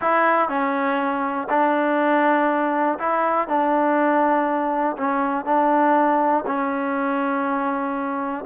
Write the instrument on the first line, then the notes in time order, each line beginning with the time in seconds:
trombone
0.01 E4
0.48 C#4
1.49 D4
2.99 E4
3.47 D4
4.97 C#4
5.45 D4
6.46 C#4